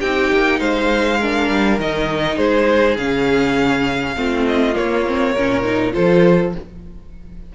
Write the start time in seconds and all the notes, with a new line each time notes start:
0.00 C4 D#4 G4 G5
0.32 A#3
0.59 G#3 C5 F5
1.19 D4 A#4
1.49 G3
1.78 D#3 D#4 D#5
2.37 G#3 G#4 C5
2.97 C#3 C#4 F5
4.16 A3 C4 F4
4.47 D#5
4.75 A#3 C#5
5.07 C4
5.33 A#2 C#4 A#4
5.63 D#4
5.92 F3 F4 A4 C5